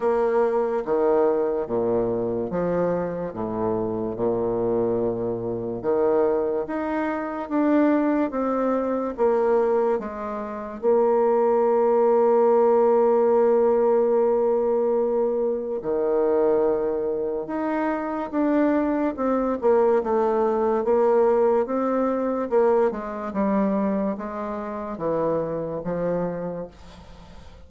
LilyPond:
\new Staff \with { instrumentName = "bassoon" } { \time 4/4 \tempo 4 = 72 ais4 dis4 ais,4 f4 | a,4 ais,2 dis4 | dis'4 d'4 c'4 ais4 | gis4 ais2.~ |
ais2. dis4~ | dis4 dis'4 d'4 c'8 ais8 | a4 ais4 c'4 ais8 gis8 | g4 gis4 e4 f4 | }